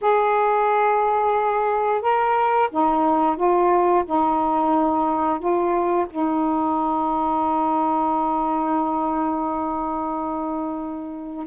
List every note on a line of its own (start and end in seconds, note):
0.01 2.01 G#4
2.01 2.69 A#4
2.71 3.36 D#4
3.36 4.04 F4
4.05 5.39 D#4
5.39 6.06 F4
6.10 11.46 D#4